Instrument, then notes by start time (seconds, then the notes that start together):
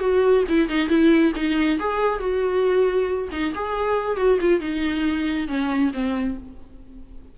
viola
0.00 F#4
0.49 E4
0.69 D#4
0.89 E4
1.36 D#4
1.80 G#4
2.19 F#4
3.32 D#4
3.55 G#4
4.17 F#4
4.41 F4
4.60 D#4
5.48 C#4
5.94 C4